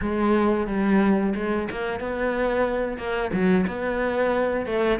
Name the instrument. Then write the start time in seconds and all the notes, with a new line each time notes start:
cello
0.01 G#3
0.66 G3
1.35 G#3
1.71 A#3
1.99 B3
2.97 A#3
3.32 F#3
3.66 B3
4.65 A3